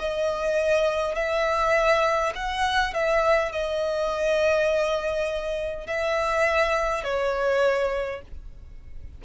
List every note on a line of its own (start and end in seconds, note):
0.00 1.16 D#5
1.16 2.33 E5
2.36 2.94 F#5
2.94 3.52 E5
3.52 5.87 D#5
5.87 7.04 E5
7.04 8.22 C#5